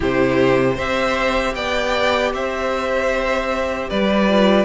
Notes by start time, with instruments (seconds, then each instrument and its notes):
0.00 cello C3, viola E4, violin G4 C5
0.74 cello C4, viola G4, violin C5 E5
1.55 cello B3, violin D5 G5
2.33 cello C4, violin C5 E5
3.89 cello G3, violin B4 D5
4.28 viola F4